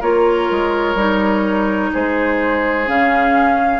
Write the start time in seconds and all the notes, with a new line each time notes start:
0.00 A#3 F4 A#4 C#5
0.51 G#3
0.95 G3 D#4
1.93 G#3 G#4 C5
2.87 C#3 C#4 F5